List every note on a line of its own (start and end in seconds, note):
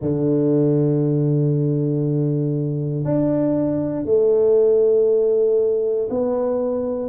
0.01 3.04 D3
3.04 4.04 D4
4.04 6.08 A3
6.10 7.09 B3